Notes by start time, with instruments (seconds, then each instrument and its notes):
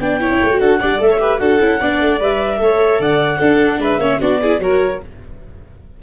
0.00 tuba B3, viola D4, violin D5, clarinet G5
0.20 viola E4, violin C#5
0.30 tuba C#4
0.44 tuba A3, viola F#4
0.60 tuba D4, violin A4, clarinet F#5
0.80 tuba G3, viola D4, violin D5
0.99 tuba A3, viola A4, clarinet E5
1.10 violin C#5
1.20 viola G4, violin B4
1.39 tuba D4, viola F#4, violin A4, clarinet F#5
1.60 tuba C#4, viola E4
1.80 tuba B3, viola D4, violin D5
2.01 tuba A3
2.20 tuba G3, viola B4, clarinet E5
2.58 tuba A3, viola A4, violin C#5
3.00 tuba D3, violin D5, clarinet F#5
3.38 viola D4, tuba D4, violin A4
3.78 tuba G#3, violin B4, clarinet E5
3.98 tuba A#3, viola C#4, violin C#5
4.21 tuba B3, viola D4, violin F#4, clarinet D5
4.42 viola E4, violin G#4
4.60 tuba F#3, viola F#4, violin A#4, clarinet C#5